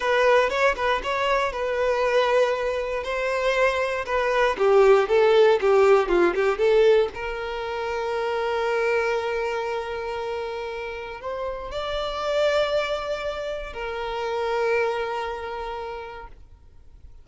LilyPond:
\new Staff \with { instrumentName = "violin" } { \time 4/4 \tempo 4 = 118 b'4 cis''8 b'8 cis''4 b'4~ | b'2 c''2 | b'4 g'4 a'4 g'4 | f'8 g'8 a'4 ais'2~ |
ais'1~ | ais'2 c''4 d''4~ | d''2. ais'4~ | ais'1 | }